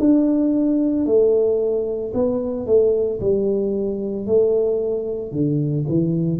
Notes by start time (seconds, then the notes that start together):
0.00 D4
1.06 A3
2.14 B3
2.66 A3
3.20 G3
4.27 A3
5.32 D3
5.89 E3